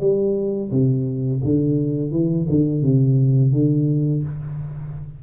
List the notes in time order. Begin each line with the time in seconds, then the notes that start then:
0.00 G3
0.71 C3
1.44 D3
2.11 E3
2.49 D3
2.82 C3
3.53 D3